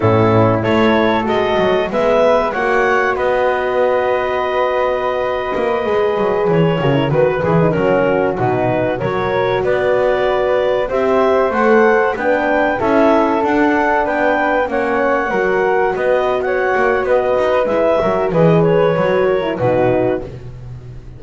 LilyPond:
<<
  \new Staff \with { instrumentName = "clarinet" } { \time 4/4 \tempo 4 = 95 a'4 cis''4 dis''4 e''4 | fis''4 dis''2.~ | dis''2~ dis''16 cis''4 b'8 gis'16~ | gis'16 ais'4 b'4 cis''4 d''8.~ |
d''4~ d''16 e''4 fis''4 g''8.~ | g''16 e''4 fis''4 g''4 fis''8.~ | fis''4~ fis''16 dis''8. fis''4 dis''4 | e''4 dis''8 cis''4. b'4 | }
  \new Staff \with { instrumentName = "flute" } { \time 4/4 e'4 a'2 b'4 | cis''4 b'2.~ | b'2~ b'8. ais'8 b'8.~ | b'16 fis'2 ais'4 b'8.~ |
b'4~ b'16 c''2 b'8.~ | b'16 a'2 b'4 cis''8.~ | cis''16 ais'4 b'8. cis''4 b'4~ | b'8 ais'8 b'4. ais'8 fis'4 | }
  \new Staff \with { instrumentName = "horn" } { \time 4/4 cis'4 e'4 fis'4 b4 | fis'1~ | fis'4~ fis'16 gis'4. fis'16 e'16 fis'8 e'16 | dis'16 cis'4 dis'4 fis'4.~ fis'16~ |
fis'4~ fis'16 g'4 a'4 d'8.~ | d'16 e'4 d'2 cis'8.~ | cis'16 fis'2.~ fis'8. | e'8 fis'8 gis'4 fis'8. e'16 dis'4 | }
  \new Staff \with { instrumentName = "double bass" } { \time 4/4 a,4 a4 gis8 fis8 gis4 | ais4 b2.~ | b8. ais8 gis8 fis8 e8 cis8 dis8 e16~ | e16 fis4 b,4 fis4 b8.~ |
b4~ b16 c'4 a4 b8.~ | b16 cis'4 d'4 b4 ais8.~ | ais16 fis4 b4~ b16 ais8 b8 dis'8 | gis8 fis8 e4 fis4 b,4 | }
>>